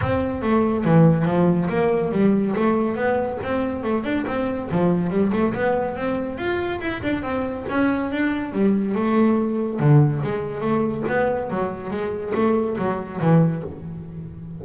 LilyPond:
\new Staff \with { instrumentName = "double bass" } { \time 4/4 \tempo 4 = 141 c'4 a4 e4 f4 | ais4 g4 a4 b4 | c'4 a8 d'8 c'4 f4 | g8 a8 b4 c'4 f'4 |
e'8 d'8 c'4 cis'4 d'4 | g4 a2 d4 | gis4 a4 b4 fis4 | gis4 a4 fis4 e4 | }